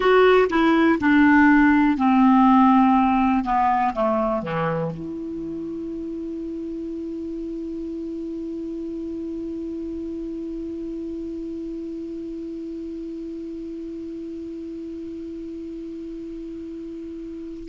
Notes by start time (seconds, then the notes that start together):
0.00 F#4
0.49 E4
1.00 D4
1.97 C4
3.44 B3
3.94 A3
4.42 E3
4.90 E4